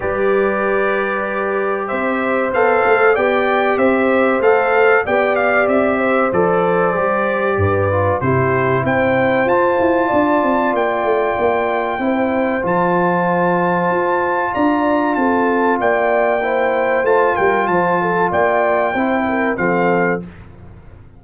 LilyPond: <<
  \new Staff \with { instrumentName = "trumpet" } { \time 4/4 \tempo 4 = 95 d''2. e''4 | f''4 g''4 e''4 f''4 | g''8 f''8 e''4 d''2~ | d''4 c''4 g''4 a''4~ |
a''4 g''2. | a''2. ais''4 | a''4 g''2 a''8 g''8 | a''4 g''2 f''4 | }
  \new Staff \with { instrumentName = "horn" } { \time 4/4 b'2. c''4~ | c''4 d''4 c''2 | d''4. c''2~ c''8 | b'4 g'4 c''2 |
d''2. c''4~ | c''2. d''4 | a'4 d''4 c''4. ais'8 | c''8 a'8 d''4 c''8 ais'8 a'4 | }
  \new Staff \with { instrumentName = "trombone" } { \time 4/4 g'1 | a'4 g'2 a'4 | g'2 a'4 g'4~ | g'8 f'8 e'2 f'4~ |
f'2. e'4 | f'1~ | f'2 e'4 f'4~ | f'2 e'4 c'4 | }
  \new Staff \with { instrumentName = "tuba" } { \time 4/4 g2. c'4 | b8 a8 b4 c'4 a4 | b4 c'4 f4 g4 | g,4 c4 c'4 f'8 e'8 |
d'8 c'8 ais8 a8 ais4 c'4 | f2 f'4 d'4 | c'4 ais2 a8 g8 | f4 ais4 c'4 f4 | }
>>